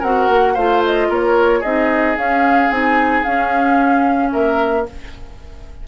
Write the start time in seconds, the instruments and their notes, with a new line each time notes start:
0.00 bassoon C4, clarinet F#4, oboe A#4, flute F#5
0.29 bassoon A#3
0.54 bassoon A3, clarinet F4, oboe C5, flute F5
0.85 flute D#5
1.09 bassoon A#3, oboe A#4, flute C#5
1.60 bassoon C4, clarinet D#4, oboe G#4, flute D#5
2.17 clarinet C#4, bassoon C#4, flute F5
2.70 bassoon C4, clarinet D#4, flute G#5
3.24 clarinet C#4, bassoon C#4, flute F5
4.33 bassoon A#3, oboe A#4, flute E5